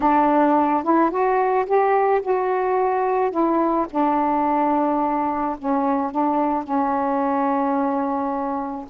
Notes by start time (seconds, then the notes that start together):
0.00 D4
0.83 E4
1.10 F#4
1.66 G4
2.21 F#4
3.31 E4
3.90 D4
5.58 C#4
6.11 D4
6.63 C#4